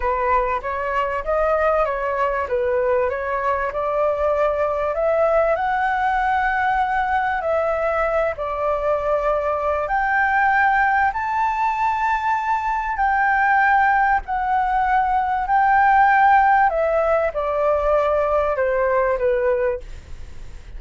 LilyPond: \new Staff \with { instrumentName = "flute" } { \time 4/4 \tempo 4 = 97 b'4 cis''4 dis''4 cis''4 | b'4 cis''4 d''2 | e''4 fis''2. | e''4. d''2~ d''8 |
g''2 a''2~ | a''4 g''2 fis''4~ | fis''4 g''2 e''4 | d''2 c''4 b'4 | }